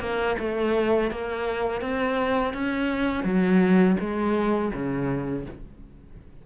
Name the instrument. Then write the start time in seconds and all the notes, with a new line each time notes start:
cello
0.00 A#3
0.39 A3
1.11 A#3
1.81 C4
2.53 C#4
3.24 F#3
4.00 G#3
4.73 C#3